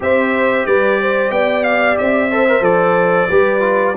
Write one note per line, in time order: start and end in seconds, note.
0.00 0.66 C4
0.00 2.30 G4
0.00 0.66 C5
0.00 0.66 E5
0.66 1.30 G3
0.66 0.99 B4
0.66 1.31 D5
1.01 1.33 C5
1.30 1.96 B3
1.30 2.30 D5
1.30 1.63 G5
1.63 1.96 F5
1.98 2.60 C4
1.98 2.63 E5
2.30 2.47 A4
2.30 3.29 C5
2.48 2.61 A#4
2.60 3.26 F3
2.60 3.27 A4
2.60 3.95 D5
3.29 3.96 G3
3.29 3.60 G4
3.29 3.95 B4
3.60 3.93 F4